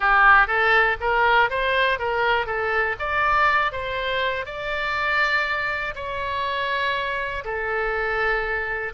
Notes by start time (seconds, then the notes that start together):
0.00 G4
0.47 A4
1.00 A#4
1.50 C5
1.98 A#4
2.46 A4
2.99 D5
3.72 C5
4.45 D5
5.95 C#5
7.44 A4